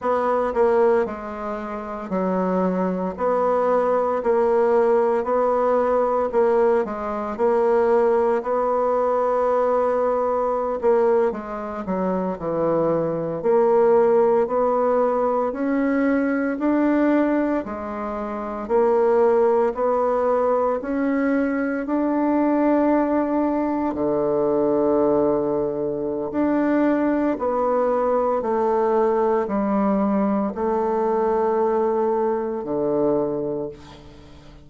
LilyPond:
\new Staff \with { instrumentName = "bassoon" } { \time 4/4 \tempo 4 = 57 b8 ais8 gis4 fis4 b4 | ais4 b4 ais8 gis8 ais4 | b2~ b16 ais8 gis8 fis8 e16~ | e8. ais4 b4 cis'4 d'16~ |
d'8. gis4 ais4 b4 cis'16~ | cis'8. d'2 d4~ d16~ | d4 d'4 b4 a4 | g4 a2 d4 | }